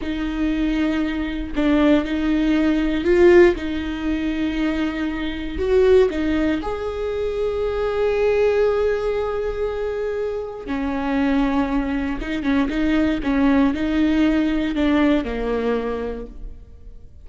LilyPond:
\new Staff \with { instrumentName = "viola" } { \time 4/4 \tempo 4 = 118 dis'2. d'4 | dis'2 f'4 dis'4~ | dis'2. fis'4 | dis'4 gis'2.~ |
gis'1~ | gis'4 cis'2. | dis'8 cis'8 dis'4 cis'4 dis'4~ | dis'4 d'4 ais2 | }